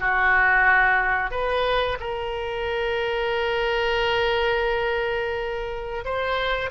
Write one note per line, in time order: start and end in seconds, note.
0.00 1.31 F#4
1.31 1.98 B4
2.00 6.05 A#4
6.05 6.70 C5